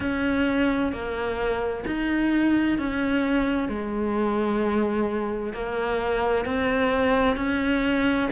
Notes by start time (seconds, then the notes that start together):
0.00 C#4
0.92 A#3
1.86 D#4
2.78 C#4
3.68 G#3
5.53 A#3
6.44 C4
7.36 C#4